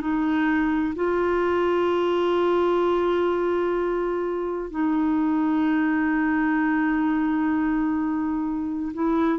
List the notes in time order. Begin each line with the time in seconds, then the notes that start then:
0.00 D#4
0.95 F4
4.70 D#4
8.93 E4